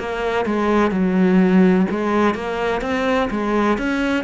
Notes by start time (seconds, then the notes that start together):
0.00 A#3
0.46 G#3
0.91 F#3
1.90 G#3
2.35 A#3
2.82 C4
3.31 G#3
3.78 C#4